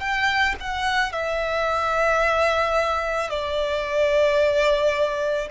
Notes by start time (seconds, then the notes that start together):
0.00 G5
0.60 F#5
1.12 E5
3.30 D5